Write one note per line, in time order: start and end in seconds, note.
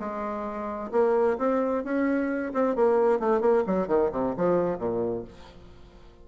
0.00 0.92 G#3
0.92 1.38 A#3
1.38 1.84 C4
1.84 2.53 C#4
2.54 2.76 C4
2.76 3.20 A#3
3.20 3.41 A3
3.41 3.64 A#3
3.67 3.88 F#3
3.88 4.11 D#3
4.13 4.36 C3
4.37 4.79 F3
4.79 5.25 A#2